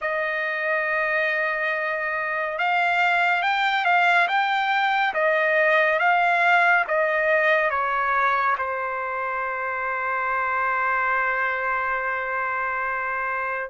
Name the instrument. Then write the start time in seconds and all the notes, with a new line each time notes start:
trumpet
0.01 D#5
2.58 F5
3.42 G5
3.85 F5
4.27 G5
5.14 D#5
5.99 F5
6.87 D#5
7.70 C#5
8.58 C5